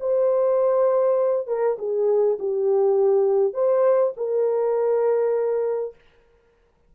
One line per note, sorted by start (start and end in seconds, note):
0.00 1.47 C5
1.47 1.77 A#4
1.78 2.38 G#4
2.39 3.53 G4
3.53 4.13 C5
4.17 5.95 A#4